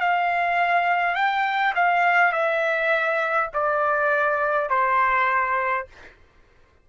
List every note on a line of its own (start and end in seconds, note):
0.00 1.15 F5
1.15 1.74 G5
1.75 2.32 F5
2.32 3.50 E5
3.54 4.70 D5
4.70 5.87 C5